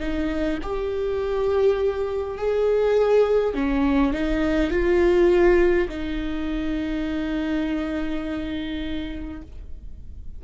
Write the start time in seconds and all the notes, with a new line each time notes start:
0.00 D#4
0.63 G4
2.38 G#4
3.55 C#4
4.13 D#4
4.71 F4
5.89 D#4